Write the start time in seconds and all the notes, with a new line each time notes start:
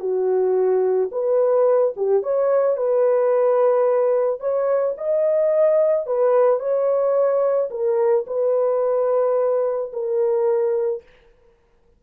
0.00 F#4
1.12 B4
1.96 G4
2.23 C#5
2.77 B4
4.40 C#5
4.98 D#5
6.07 B4
6.60 C#5
7.70 A#4
8.27 B4
9.93 A#4